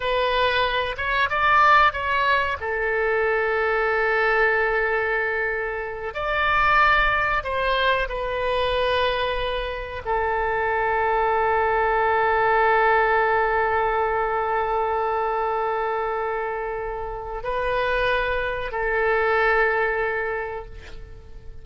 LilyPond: \new Staff \with { instrumentName = "oboe" } { \time 4/4 \tempo 4 = 93 b'4. cis''8 d''4 cis''4 | a'1~ | a'4. d''2 c''8~ | c''8 b'2. a'8~ |
a'1~ | a'1~ | a'2. b'4~ | b'4 a'2. | }